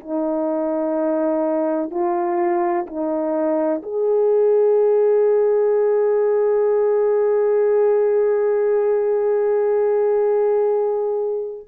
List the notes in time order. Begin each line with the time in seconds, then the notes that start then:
0.00 D#4
1.90 F4
2.87 D#4
3.82 G#4